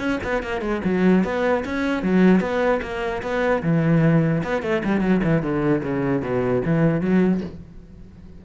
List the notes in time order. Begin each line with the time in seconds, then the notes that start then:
0.00 C#4
0.24 B3
0.43 A#3
0.62 G#3
0.85 F#3
1.24 B3
1.65 C#4
2.03 F#3
2.41 B3
2.82 A#3
3.23 B3
3.63 E3
4.44 B3
4.63 A3
4.85 G3
5.01 F#3
5.24 E3
5.43 D3
5.84 C#3
6.22 B2
6.66 E3
7.01 F#3